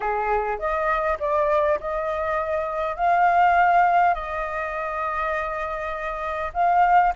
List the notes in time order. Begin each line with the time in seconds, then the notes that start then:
0.00 G#4
0.58 D#5
1.19 D5
1.80 D#5
2.95 F5
4.14 D#5
6.53 F5